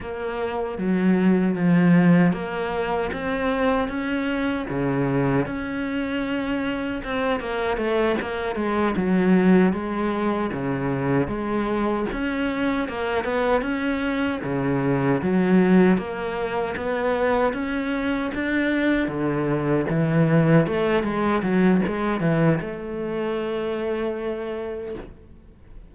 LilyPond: \new Staff \with { instrumentName = "cello" } { \time 4/4 \tempo 4 = 77 ais4 fis4 f4 ais4 | c'4 cis'4 cis4 cis'4~ | cis'4 c'8 ais8 a8 ais8 gis8 fis8~ | fis8 gis4 cis4 gis4 cis'8~ |
cis'8 ais8 b8 cis'4 cis4 fis8~ | fis8 ais4 b4 cis'4 d'8~ | d'8 d4 e4 a8 gis8 fis8 | gis8 e8 a2. | }